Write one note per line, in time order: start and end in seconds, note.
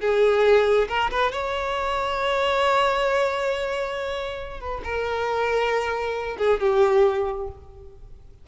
0.00 0.88 G#4
0.88 1.10 A#4
1.10 1.32 B4
1.32 4.60 C#5
4.60 4.82 B4
4.84 6.37 A#4
6.38 6.60 G#4
6.60 7.47 G4